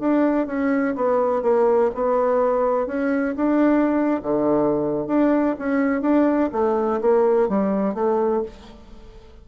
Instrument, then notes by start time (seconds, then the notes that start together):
bassoon
0.00 D4
0.47 C#4
0.96 B3
1.43 A#3
1.95 B3
2.87 C#4
3.36 D4
4.23 D3
5.07 D4
5.59 C#4
6.02 D4
6.52 A3
7.01 A#3
7.49 G3
7.95 A3